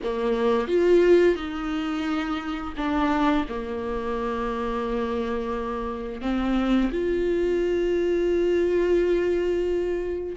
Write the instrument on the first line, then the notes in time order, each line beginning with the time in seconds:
viola
0.03 A#3
0.67 F4
1.35 D#4
2.76 D4
3.48 A#3
6.21 C4
6.91 F4